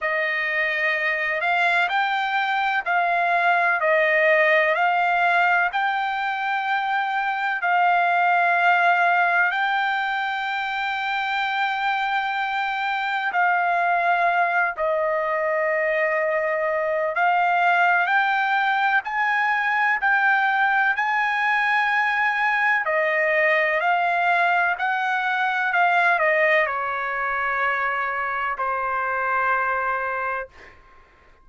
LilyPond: \new Staff \with { instrumentName = "trumpet" } { \time 4/4 \tempo 4 = 63 dis''4. f''8 g''4 f''4 | dis''4 f''4 g''2 | f''2 g''2~ | g''2 f''4. dis''8~ |
dis''2 f''4 g''4 | gis''4 g''4 gis''2 | dis''4 f''4 fis''4 f''8 dis''8 | cis''2 c''2 | }